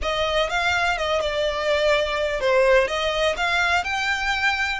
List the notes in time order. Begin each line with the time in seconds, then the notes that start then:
0.02 D#5
0.49 F5
0.97 D#5
1.20 D5
2.40 C5
2.87 D#5
3.36 F5
3.84 G5